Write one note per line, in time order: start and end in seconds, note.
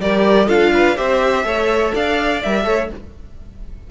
0.00 0.48 G3
0.00 0.47 G4
0.00 0.47 A#4
0.00 0.49 D5
0.47 0.97 D4
0.47 0.96 F4
0.47 0.71 A4
0.47 0.97 F5
0.74 0.97 B4
0.96 1.44 C4
0.96 1.44 G4
0.96 1.45 C5
0.96 1.94 E5
1.44 1.92 A3
1.44 2.41 A4
1.44 1.94 C#5
1.94 2.43 D4
1.94 2.66 D5
1.94 2.42 F5
2.42 2.66 G3
2.42 2.64 A#4
2.42 2.91 E5
2.64 2.90 A3
2.64 2.88 A4
2.64 2.90 C#5